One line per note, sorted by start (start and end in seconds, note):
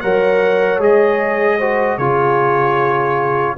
0.00 0.79 F#3
0.00 0.79 A#4
0.00 1.58 C#5
0.00 0.79 F#5
0.79 1.97 G#3
0.79 1.58 G#4
0.79 1.98 D#5
1.58 1.99 F#4
1.58 1.97 C5
1.97 3.55 C#3
1.97 3.57 F4
1.97 3.55 G#4
1.97 3.55 C#5